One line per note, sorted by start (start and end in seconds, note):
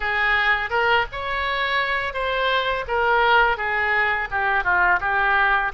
0.00 0.69 G#4
0.69 1.05 A#4
1.12 2.13 C#5
2.13 2.84 C5
2.87 3.57 A#4
3.57 4.28 G#4
4.30 4.64 G4
4.64 4.99 F4
5.00 5.71 G4